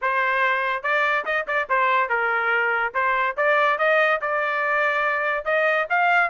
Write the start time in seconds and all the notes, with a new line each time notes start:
0.01 C5
0.82 D5
1.25 D#5
1.47 D5
1.69 C5
2.09 A#4
2.94 C5
3.37 D5
3.78 D#5
4.21 D5
5.45 D#5
5.89 F5